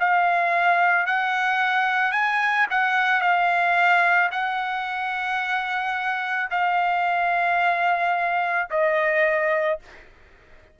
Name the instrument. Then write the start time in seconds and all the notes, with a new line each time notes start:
trumpet
0.00 F5
1.07 F#5
2.12 G#5
2.71 F#5
3.21 F5
4.32 F#5
6.51 F5
8.71 D#5